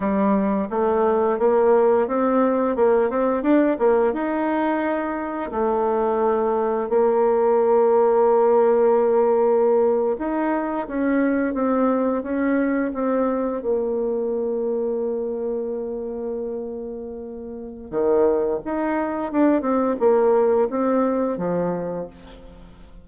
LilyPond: \new Staff \with { instrumentName = "bassoon" } { \time 4/4 \tempo 4 = 87 g4 a4 ais4 c'4 | ais8 c'8 d'8 ais8 dis'2 | a2 ais2~ | ais2~ ais8. dis'4 cis'16~ |
cis'8. c'4 cis'4 c'4 ais16~ | ais1~ | ais2 dis4 dis'4 | d'8 c'8 ais4 c'4 f4 | }